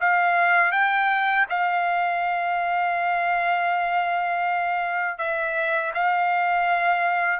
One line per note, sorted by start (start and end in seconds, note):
0.00 0.71 F5
0.71 1.45 G5
1.49 5.18 F5
5.18 5.92 E5
5.94 7.39 F5